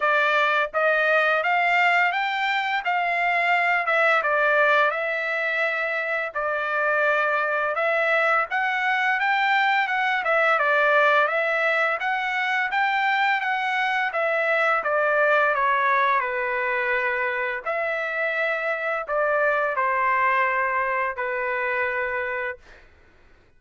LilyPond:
\new Staff \with { instrumentName = "trumpet" } { \time 4/4 \tempo 4 = 85 d''4 dis''4 f''4 g''4 | f''4. e''8 d''4 e''4~ | e''4 d''2 e''4 | fis''4 g''4 fis''8 e''8 d''4 |
e''4 fis''4 g''4 fis''4 | e''4 d''4 cis''4 b'4~ | b'4 e''2 d''4 | c''2 b'2 | }